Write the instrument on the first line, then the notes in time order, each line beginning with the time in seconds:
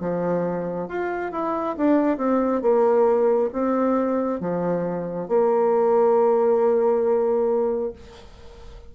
bassoon
0.00 F3
0.88 F4
1.32 E4
1.76 D4
2.17 C4
2.61 A#3
3.52 C4
4.40 F3
5.28 A#3